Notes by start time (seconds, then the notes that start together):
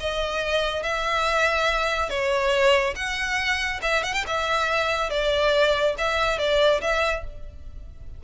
0.00 D#5
0.83 E5
2.09 C#5
2.95 F#5
3.82 E5
4.03 F#5
4.14 G5
4.27 E5
5.10 D5
5.98 E5
6.38 D5
6.81 E5